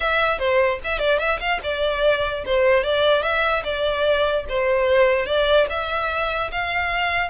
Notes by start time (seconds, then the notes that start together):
0.00 E5
0.38 C5
0.83 E5
0.99 D5
1.19 E5
1.40 F5
1.63 D5
2.45 C5
2.83 D5
3.22 E5
3.64 D5
4.48 C5
5.26 D5
5.69 E5
6.51 F5